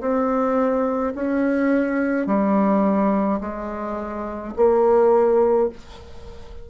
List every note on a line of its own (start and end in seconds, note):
0.00 1.13 C4
1.15 2.26 C#4
2.26 3.40 G3
3.41 4.54 G#3
4.56 5.69 A#3